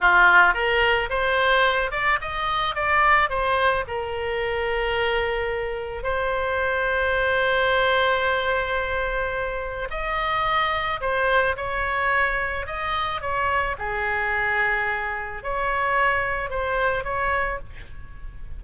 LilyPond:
\new Staff \with { instrumentName = "oboe" } { \time 4/4 \tempo 4 = 109 f'4 ais'4 c''4. d''8 | dis''4 d''4 c''4 ais'4~ | ais'2. c''4~ | c''1~ |
c''2 dis''2 | c''4 cis''2 dis''4 | cis''4 gis'2. | cis''2 c''4 cis''4 | }